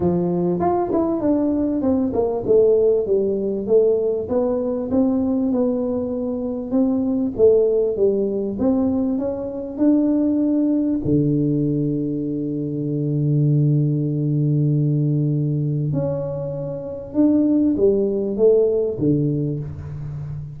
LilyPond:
\new Staff \with { instrumentName = "tuba" } { \time 4/4 \tempo 4 = 98 f4 f'8 e'8 d'4 c'8 ais8 | a4 g4 a4 b4 | c'4 b2 c'4 | a4 g4 c'4 cis'4 |
d'2 d2~ | d1~ | d2 cis'2 | d'4 g4 a4 d4 | }